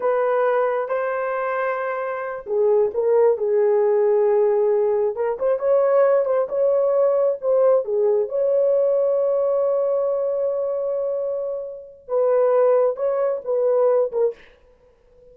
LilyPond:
\new Staff \with { instrumentName = "horn" } { \time 4/4 \tempo 4 = 134 b'2 c''2~ | c''4. gis'4 ais'4 gis'8~ | gis'2.~ gis'8 ais'8 | c''8 cis''4. c''8 cis''4.~ |
cis''8 c''4 gis'4 cis''4.~ | cis''1~ | cis''2. b'4~ | b'4 cis''4 b'4. ais'8 | }